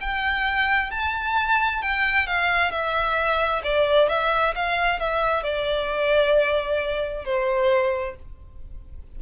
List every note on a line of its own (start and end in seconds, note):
0.00 0.91 G5
0.91 1.82 A5
1.82 2.27 G5
2.27 2.71 F5
2.71 3.62 E5
3.63 4.09 D5
4.09 4.54 E5
4.55 4.99 F5
4.99 5.43 E5
5.43 7.25 D5
7.25 8.16 C5